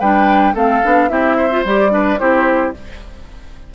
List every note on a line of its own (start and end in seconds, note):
0.00 0.55 G3
0.00 0.55 D4
0.00 0.54 B4
0.00 0.55 G5
0.54 0.82 A3
0.54 0.82 C4
0.54 1.09 A4
0.54 1.09 F5
0.83 1.11 B3
0.83 1.09 D4
1.09 1.65 C4
1.09 1.50 E4
1.09 1.37 G4
1.09 1.64 E5
1.37 1.92 C5
1.51 1.65 F4
1.65 2.19 G3
1.65 1.90 G4
1.65 2.19 D5
1.90 2.17 D4
1.90 2.20 B4
2.19 2.75 C4
2.19 2.74 E4
2.19 2.74 G4
2.19 2.73 C5